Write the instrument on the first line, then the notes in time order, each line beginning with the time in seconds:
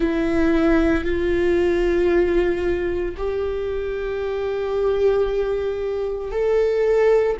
viola
0.00 E4
1.04 F4
3.17 G4
6.31 A4